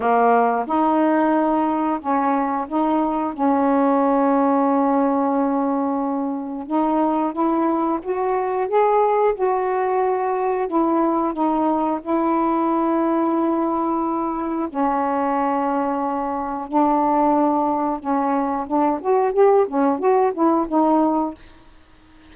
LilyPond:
\new Staff \with { instrumentName = "saxophone" } { \time 4/4 \tempo 4 = 90 ais4 dis'2 cis'4 | dis'4 cis'2.~ | cis'2 dis'4 e'4 | fis'4 gis'4 fis'2 |
e'4 dis'4 e'2~ | e'2 cis'2~ | cis'4 d'2 cis'4 | d'8 fis'8 g'8 cis'8 fis'8 e'8 dis'4 | }